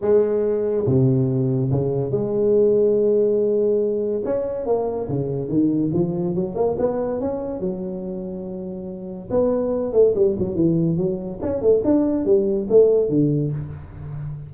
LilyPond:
\new Staff \with { instrumentName = "tuba" } { \time 4/4 \tempo 4 = 142 gis2 c2 | cis4 gis2.~ | gis2 cis'4 ais4 | cis4 dis4 f4 fis8 ais8 |
b4 cis'4 fis2~ | fis2 b4. a8 | g8 fis8 e4 fis4 cis'8 a8 | d'4 g4 a4 d4 | }